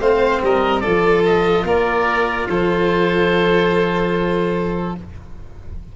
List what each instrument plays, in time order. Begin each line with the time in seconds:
0.00 tuba A3, cello C4, violin C5, oboe F5
0.42 tuba G3, violin A#4, oboe D#5
0.80 tuba F3, cello F4, violin A4, oboe D5
1.25 oboe D#5
1.64 tuba A#3, violin A#4, oboe D5
2.48 tuba F3, violin A4, oboe C5